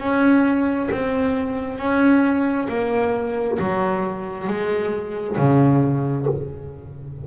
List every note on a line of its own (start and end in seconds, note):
0.00 0.90 C#4
0.91 1.79 C4
1.79 2.68 C#4
2.69 3.58 A#3
3.59 4.47 F#3
4.47 5.37 G#3
5.37 6.27 C#3